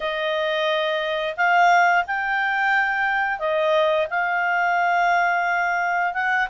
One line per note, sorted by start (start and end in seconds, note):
0.00 1.35 D#5
1.36 2.05 F5
2.06 3.39 G5
3.39 4.07 D#5
4.09 6.13 F5
6.13 6.47 F#5